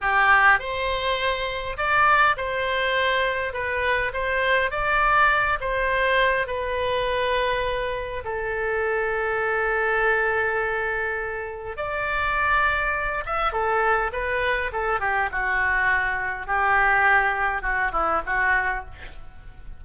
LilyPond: \new Staff \with { instrumentName = "oboe" } { \time 4/4 \tempo 4 = 102 g'4 c''2 d''4 | c''2 b'4 c''4 | d''4. c''4. b'4~ | b'2 a'2~ |
a'1 | d''2~ d''8 e''8 a'4 | b'4 a'8 g'8 fis'2 | g'2 fis'8 e'8 fis'4 | }